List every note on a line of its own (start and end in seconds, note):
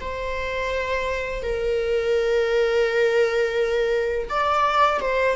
0.00 1.43 C5
1.43 4.28 A#4
4.29 5.00 D5
5.00 5.36 C5